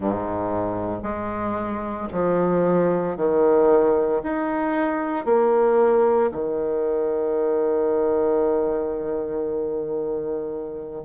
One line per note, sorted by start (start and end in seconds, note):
0.00 1.02 G#2
1.02 2.08 G#3
2.12 3.16 F3
3.16 4.22 D#3
4.23 5.25 D#4
5.25 6.30 A#3
6.32 11.04 D#3